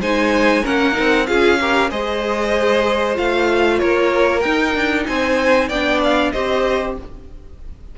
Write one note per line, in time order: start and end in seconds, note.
0.00 0.63 G#3
0.00 0.64 D#4
0.00 0.64 C5
0.00 0.65 G#5
0.64 0.99 A#3
0.64 0.92 C#4
0.64 1.27 A#4
0.64 1.27 F#5
0.92 1.24 D#4
0.99 1.30 C4
1.27 1.92 C#4
1.27 1.59 F4
1.27 1.60 G#4
1.27 1.90 F5
1.61 1.91 G4
1.61 1.91 A#4
1.91 3.18 G#3
1.91 3.15 G#4
1.91 3.81 C5
1.91 3.17 D#5
3.15 3.82 A3
3.15 4.41 F4
3.15 3.79 F5
3.79 4.45 A#3
3.79 5.07 A#4
3.79 4.40 C#5
4.40 5.71 D#4
4.40 4.75 D#4
4.40 5.04 G5
4.75 5.07 D4
5.07 5.70 C4
5.07 5.69 C5
5.07 5.69 G#5
5.69 6.33 B3
5.69 6.35 D4
5.69 6.32 D5
5.69 6.01 G5
6.04 6.32 F5
6.32 6.98 C4
6.32 6.98 G4
6.32 6.96 C5
6.32 6.95 D#5